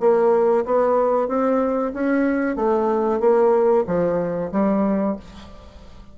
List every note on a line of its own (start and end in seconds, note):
0.00 0.65 A#3
0.65 1.28 B3
1.28 1.92 C4
1.93 2.56 C#4
2.56 3.20 A3
3.20 3.84 A#3
3.87 4.51 F3
4.52 5.16 G3